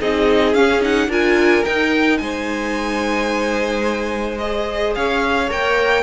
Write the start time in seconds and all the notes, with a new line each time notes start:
0.00 C4 D#4 G#4 D#5
0.54 C#4 F5
0.80 D#4 F#5
1.07 D4 F4 A#4 G#5
1.64 D#4 G5
2.18 G#3 C5 G#5
4.38 G#4 D#5
4.95 C#4 C#5 F5
5.49 A#3 A#4 G5